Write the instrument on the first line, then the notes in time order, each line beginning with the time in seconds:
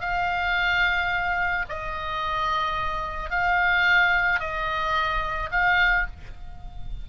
oboe
0.00 F5
1.69 D#5
3.30 F5
4.40 D#5
5.51 F5